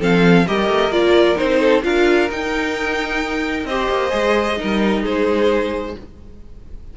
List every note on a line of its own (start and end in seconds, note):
0.00 0.47 F3
0.00 0.46 C4
0.00 0.46 A4
0.00 0.48 F5
0.48 0.69 G3
0.48 0.92 G4
0.48 1.60 A#4
0.48 0.92 D#5
0.69 0.90 A3
0.90 1.36 A#3
0.90 1.36 F4
0.90 1.38 D5
1.36 1.85 C4
1.36 1.82 D#4
1.36 1.84 C5
1.60 1.83 A4
1.83 2.30 D4
1.83 2.29 F4
1.83 3.68 A#4
1.83 2.30 F5
2.30 3.65 D#4
2.30 3.69 D#4
2.30 3.66 G5
3.65 3.88 C4
3.65 4.10 G4
3.65 4.60 C5
3.65 5.04 D#5
3.90 4.13 A#3
4.10 4.60 G#3
4.10 4.56 G#4
4.57 5.94 D#4
4.57 5.03 A#4
4.64 5.04 G3
5.03 5.96 G#3
5.03 5.94 G#4
5.03 5.97 C5